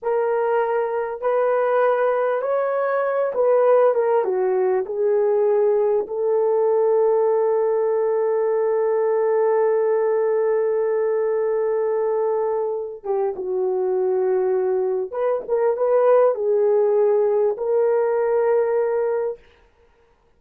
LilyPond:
\new Staff \with { instrumentName = "horn" } { \time 4/4 \tempo 4 = 99 ais'2 b'2 | cis''4. b'4 ais'8 fis'4 | gis'2 a'2~ | a'1~ |
a'1~ | a'4. g'8 fis'2~ | fis'4 b'8 ais'8 b'4 gis'4~ | gis'4 ais'2. | }